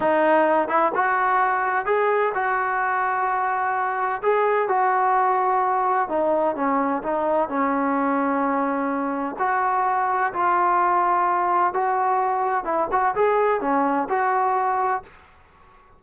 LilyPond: \new Staff \with { instrumentName = "trombone" } { \time 4/4 \tempo 4 = 128 dis'4. e'8 fis'2 | gis'4 fis'2.~ | fis'4 gis'4 fis'2~ | fis'4 dis'4 cis'4 dis'4 |
cis'1 | fis'2 f'2~ | f'4 fis'2 e'8 fis'8 | gis'4 cis'4 fis'2 | }